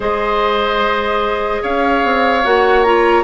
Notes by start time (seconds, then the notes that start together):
0.00 G#3 G#4 C5 D#5
1.62 C#4 C#5 F5
2.04 C4
2.44 A#3 F#4 F#5
2.83 F4 A#5